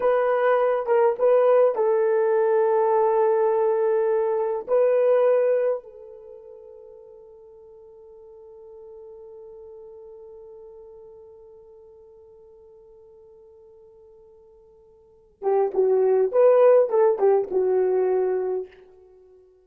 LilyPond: \new Staff \with { instrumentName = "horn" } { \time 4/4 \tempo 4 = 103 b'4. ais'8 b'4 a'4~ | a'1 | b'2 a'2~ | a'1~ |
a'1~ | a'1~ | a'2~ a'8 g'8 fis'4 | b'4 a'8 g'8 fis'2 | }